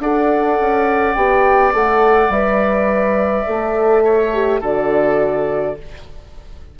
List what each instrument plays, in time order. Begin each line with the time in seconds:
0.00 bassoon D4, horn A4, oboe D5, flute F#5
0.61 bassoon C#4
1.15 bassoon B3, horn G4, flute G5
1.73 bassoon A3, horn A4, flute F#5
2.29 bassoon G3, horn B4, flute E5
3.48 bassoon A3, horn A4
4.05 oboe C#5
4.34 horn G4
4.61 bassoon D3, horn F#4, oboe A4, flute D5